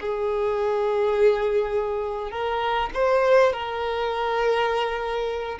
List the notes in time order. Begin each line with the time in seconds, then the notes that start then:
0.00 G#4
2.31 A#4
2.94 C5
3.52 A#4